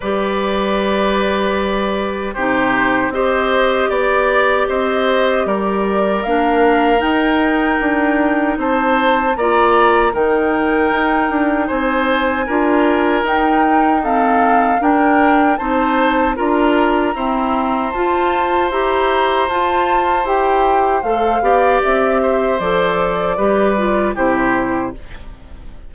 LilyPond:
<<
  \new Staff \with { instrumentName = "flute" } { \time 4/4 \tempo 4 = 77 d''2. c''4 | dis''4 d''4 dis''4 d''4 | f''4 g''2 a''4 | ais''4 g''2 gis''4~ |
gis''4 g''4 f''4 g''4 | a''4 ais''2 a''4 | ais''4 a''4 g''4 f''4 | e''4 d''2 c''4 | }
  \new Staff \with { instrumentName = "oboe" } { \time 4/4 b'2. g'4 | c''4 d''4 c''4 ais'4~ | ais'2. c''4 | d''4 ais'2 c''4 |
ais'2 a'4 ais'4 | c''4 ais'4 c''2~ | c''2.~ c''8 d''8~ | d''8 c''4. b'4 g'4 | }
  \new Staff \with { instrumentName = "clarinet" } { \time 4/4 g'2. dis'4 | g'1 | d'4 dis'2. | f'4 dis'2. |
f'4 dis'4 c'4 d'4 | dis'4 f'4 c'4 f'4 | g'4 f'4 g'4 a'8 g'8~ | g'4 a'4 g'8 f'8 e'4 | }
  \new Staff \with { instrumentName = "bassoon" } { \time 4/4 g2. c4 | c'4 b4 c'4 g4 | ais4 dis'4 d'4 c'4 | ais4 dis4 dis'8 d'8 c'4 |
d'4 dis'2 d'4 | c'4 d'4 e'4 f'4 | e'4 f'4 e'4 a8 b8 | c'4 f4 g4 c4 | }
>>